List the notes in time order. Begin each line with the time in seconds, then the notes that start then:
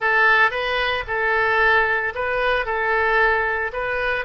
0.00 A4
0.50 B4
1.07 A4
2.14 B4
2.65 A4
3.72 B4